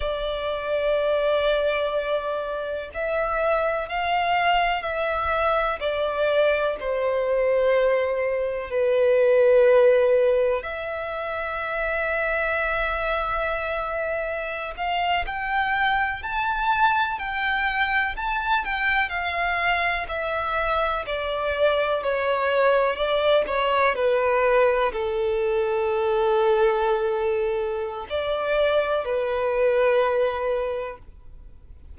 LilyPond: \new Staff \with { instrumentName = "violin" } { \time 4/4 \tempo 4 = 62 d''2. e''4 | f''4 e''4 d''4 c''4~ | c''4 b'2 e''4~ | e''2.~ e''16 f''8 g''16~ |
g''8. a''4 g''4 a''8 g''8 f''16~ | f''8. e''4 d''4 cis''4 d''16~ | d''16 cis''8 b'4 a'2~ a'16~ | a'4 d''4 b'2 | }